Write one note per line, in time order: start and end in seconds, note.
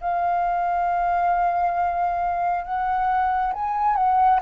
0.00 2.64 F5
2.64 3.52 F#5
3.53 3.95 G#5
3.95 4.40 F#5